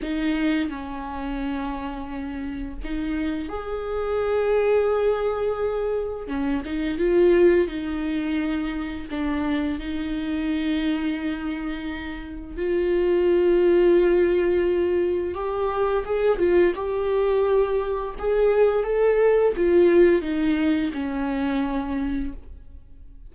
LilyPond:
\new Staff \with { instrumentName = "viola" } { \time 4/4 \tempo 4 = 86 dis'4 cis'2. | dis'4 gis'2.~ | gis'4 cis'8 dis'8 f'4 dis'4~ | dis'4 d'4 dis'2~ |
dis'2 f'2~ | f'2 g'4 gis'8 f'8 | g'2 gis'4 a'4 | f'4 dis'4 cis'2 | }